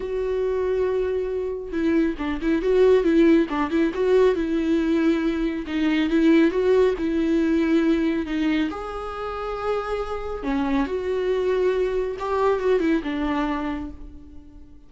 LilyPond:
\new Staff \with { instrumentName = "viola" } { \time 4/4 \tempo 4 = 138 fis'1 | e'4 d'8 e'8 fis'4 e'4 | d'8 e'8 fis'4 e'2~ | e'4 dis'4 e'4 fis'4 |
e'2. dis'4 | gis'1 | cis'4 fis'2. | g'4 fis'8 e'8 d'2 | }